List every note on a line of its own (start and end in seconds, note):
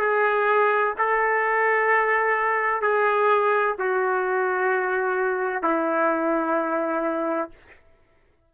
0.00 0.94 G#4
0.98 2.82 A4
2.82 3.75 G#4
3.78 5.63 F#4
5.63 7.50 E4